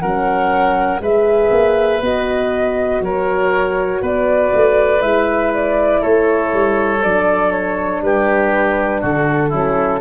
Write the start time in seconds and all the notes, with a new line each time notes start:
0.00 F#3 C#4 A#4 F#5
1.01 G#3 G#4 B4 E5
1.51 A#3
2.02 B3 F#4 D#5
3.01 F#3 A#4 C#5
4.02 B3 B4 D5
4.54 A3
5.01 G#3 E4 E5
5.54 D5
6.01 A3 A4 C#5
6.54 G3
7.04 F#3 D4 D5
7.52 C#5
8.02 G3 G4 B4
9.02 D3 F#4 A4
9.50 F#3 C#4 E4